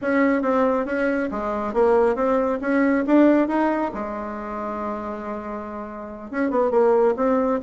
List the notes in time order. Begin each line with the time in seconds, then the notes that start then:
0.01 C#4
0.42 C4
0.85 C#4
1.31 G#3
1.73 A#3
2.15 C4
2.61 C#4
3.06 D4
3.47 D#4
3.93 G#3
6.30 C#4
6.50 B3
6.71 A#3
7.16 C4